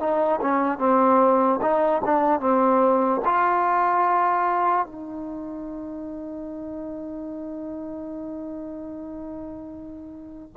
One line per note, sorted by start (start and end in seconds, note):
0.00 0.41 D#4
0.41 0.79 C#4
0.79 1.60 C4
1.62 2.02 D#4
2.05 2.40 D4
2.40 3.21 C4
3.25 4.86 F4
4.86 10.54 D#4